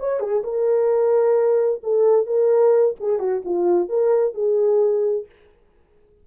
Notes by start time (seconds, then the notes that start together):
0.00 C#5
0.20 G#4
0.44 A#4
1.84 A4
2.27 A#4
3.01 G#4
3.20 F#4
3.45 F4
3.89 A#4
4.34 G#4